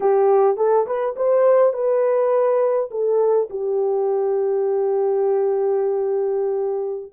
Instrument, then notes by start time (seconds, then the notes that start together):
horn
0.00 G4
0.57 A4
0.86 B4
1.16 C5
1.73 B4
2.90 A4
3.50 G4